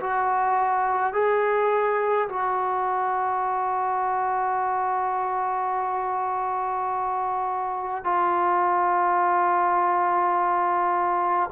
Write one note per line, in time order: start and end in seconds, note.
0.00 1.13 F#4
1.13 2.29 G#4
2.29 8.04 F#4
8.04 11.50 F4